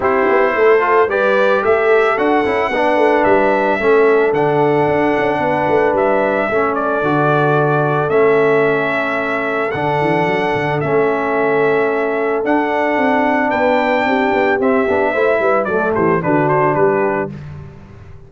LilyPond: <<
  \new Staff \with { instrumentName = "trumpet" } { \time 4/4 \tempo 4 = 111 c''2 d''4 e''4 | fis''2 e''2 | fis''2. e''4~ | e''8 d''2~ d''8 e''4~ |
e''2 fis''2 | e''2. fis''4~ | fis''4 g''2 e''4~ | e''4 d''8 c''8 b'8 c''8 b'4 | }
  \new Staff \with { instrumentName = "horn" } { \time 4/4 g'4 a'4 b'4 a'4~ | a'4 b'2 a'4~ | a'2 b'2 | a'1~ |
a'1~ | a'1~ | a'4 b'4 g'2 | c''8 b'8 a'8 g'8 fis'4 g'4 | }
  \new Staff \with { instrumentName = "trombone" } { \time 4/4 e'4. f'8 g'2 | fis'8 e'8 d'2 cis'4 | d'1 | cis'4 fis'2 cis'4~ |
cis'2 d'2 | cis'2. d'4~ | d'2. c'8 d'8 | e'4 a4 d'2 | }
  \new Staff \with { instrumentName = "tuba" } { \time 4/4 c'8 b8 a4 g4 a4 | d'8 cis'8 b8 a8 g4 a4 | d4 d'8 cis'8 b8 a8 g4 | a4 d2 a4~ |
a2 d8 e8 fis8 d8 | a2. d'4 | c'4 b4 c'8 b8 c'8 b8 | a8 g8 fis8 e8 d4 g4 | }
>>